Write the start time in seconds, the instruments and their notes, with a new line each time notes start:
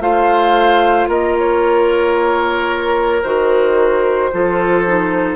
0.00 bassoon A3, clarinet F4, oboe C5, flute F5
1.09 bassoon A#3, oboe A#4, flute D#5
1.38 flute C#5
3.23 bassoon D#3, clarinet F#4, flute C5
4.32 bassoon F3, clarinet F4, oboe A4
4.86 clarinet D#4